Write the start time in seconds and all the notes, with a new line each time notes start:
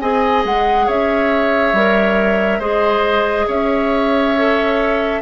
0.00 C4 G#4 D#5 G#5
0.45 G#3 F#5
0.86 C#4 C#5 E5
1.73 G3 A#4
2.59 G#3 G#4 C5 D#5
3.48 C#4 C#5 E5
4.37 A4